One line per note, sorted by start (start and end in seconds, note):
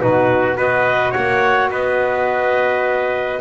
0.00 0.58 B2
0.00 0.56 D#4
0.00 0.57 F#4
0.00 0.57 B4
0.56 1.15 B3
0.56 3.41 F#4
0.56 1.12 B4
0.56 1.13 D#5
1.12 1.70 A#3
1.12 1.69 C#5
1.12 1.70 F#5
1.70 3.41 B3
1.70 3.42 B4
1.70 3.42 D#5